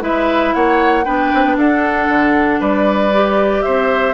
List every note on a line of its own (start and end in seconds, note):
0.00 0.53 G#3
0.00 1.03 E4
0.00 0.55 B4
0.00 0.54 E5
0.54 1.06 A#3
0.54 1.05 C#5
0.54 1.04 F#5
1.04 1.31 B3
1.04 3.12 D4
1.04 1.56 B4
1.04 1.56 G5
1.34 1.45 C4
1.45 1.56 B3
1.56 2.08 D4
1.56 2.60 A4
1.56 2.61 F#5
2.08 2.59 D3
2.60 3.63 G3
2.60 3.63 B4
2.60 3.62 D5
3.12 4.14 G4
3.62 4.14 C4
3.62 4.14 C5
3.62 4.14 E5